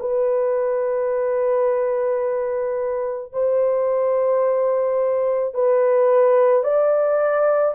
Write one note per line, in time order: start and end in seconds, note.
0.00 3.33 B4
3.33 5.54 C5
5.54 6.64 B4
6.64 7.75 D5